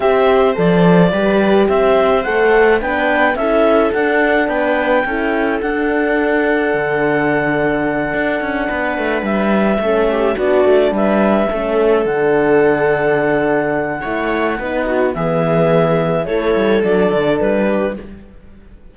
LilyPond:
<<
  \new Staff \with { instrumentName = "clarinet" } { \time 4/4 \tempo 4 = 107 e''4 d''2 e''4 | fis''4 g''4 e''4 fis''4 | g''2 fis''2~ | fis''1~ |
fis''8 e''2 d''4 e''8~ | e''4. fis''2~ fis''8~ | fis''2. e''4~ | e''4 cis''4 d''4 b'4 | }
  \new Staff \with { instrumentName = "viola" } { \time 4/4 c''2 b'4 c''4~ | c''4 b'4 a'2 | b'4 a'2.~ | a'2.~ a'8 b'8~ |
b'4. a'8 g'8 fis'4 b'8~ | b'8 a'2.~ a'8~ | a'4 cis''4 b'8 fis'8 gis'4~ | gis'4 a'2~ a'8 g'8 | }
  \new Staff \with { instrumentName = "horn" } { \time 4/4 g'4 a'4 g'2 | a'4 d'4 e'4 d'4~ | d'4 e'4 d'2~ | d'1~ |
d'4. cis'4 d'4.~ | d'8 cis'4 d'2~ d'8~ | d'4 e'4 dis'4 b4~ | b4 e'4 d'2 | }
  \new Staff \with { instrumentName = "cello" } { \time 4/4 c'4 f4 g4 c'4 | a4 b4 cis'4 d'4 | b4 cis'4 d'2 | d2~ d8 d'8 cis'8 b8 |
a8 g4 a4 b8 a8 g8~ | g8 a4 d2~ d8~ | d4 a4 b4 e4~ | e4 a8 g8 fis8 d8 g4 | }
>>